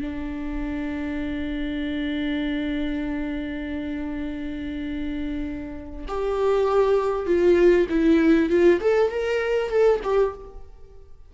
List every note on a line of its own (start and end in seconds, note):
0.00 6.06 D4
6.08 7.26 G4
7.26 7.87 F4
7.89 8.49 E4
8.49 8.80 F4
8.80 9.10 A4
9.10 9.69 A#4
9.69 9.99 A4
10.03 10.34 G4